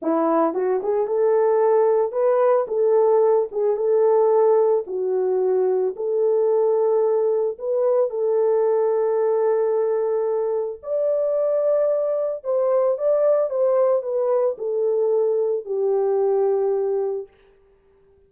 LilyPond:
\new Staff \with { instrumentName = "horn" } { \time 4/4 \tempo 4 = 111 e'4 fis'8 gis'8 a'2 | b'4 a'4. gis'8 a'4~ | a'4 fis'2 a'4~ | a'2 b'4 a'4~ |
a'1 | d''2. c''4 | d''4 c''4 b'4 a'4~ | a'4 g'2. | }